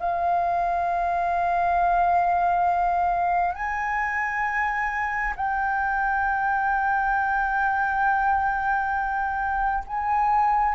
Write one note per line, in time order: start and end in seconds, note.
0.00 3.55 F5
3.55 5.34 G#5
5.36 9.84 G5
9.87 10.75 G#5